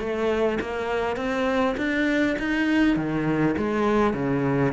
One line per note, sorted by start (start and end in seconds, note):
0.00 0.59 A3
0.61 1.17 A#3
1.17 1.76 C4
1.78 2.37 D4
2.39 2.97 D#4
2.97 3.56 D#3
3.58 4.14 G#3
4.14 4.73 C#3